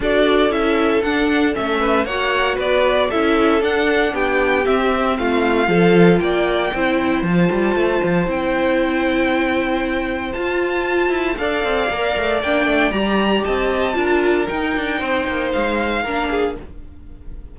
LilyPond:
<<
  \new Staff \with { instrumentName = "violin" } { \time 4/4 \tempo 4 = 116 d''4 e''4 fis''4 e''4 | fis''4 d''4 e''4 fis''4 | g''4 e''4 f''2 | g''2 a''2 |
g''1 | a''2 f''2 | g''4 ais''4 a''2 | g''2 f''2 | }
  \new Staff \with { instrumentName = "violin" } { \time 4/4 a'2.~ a'8 b'8 | cis''4 b'4 a'2 | g'2 f'4 a'4 | d''4 c''2.~ |
c''1~ | c''2 d''2~ | d''2 dis''4 ais'4~ | ais'4 c''2 ais'8 gis'8 | }
  \new Staff \with { instrumentName = "viola" } { \time 4/4 fis'4 e'4 d'4 cis'4 | fis'2 e'4 d'4~ | d'4 c'2 f'4~ | f'4 e'4 f'2 |
e'1 | f'2 a'4 ais'4 | d'4 g'2 f'4 | dis'2. d'4 | }
  \new Staff \with { instrumentName = "cello" } { \time 4/4 d'4 cis'4 d'4 a4 | ais4 b4 cis'4 d'4 | b4 c'4 a4 f4 | ais4 c'4 f8 g8 a8 f8 |
c'1 | f'4. e'8 d'8 c'8 ais8 a8 | ais8 a8 g4 c'4 d'4 | dis'8 d'8 c'8 ais8 gis4 ais4 | }
>>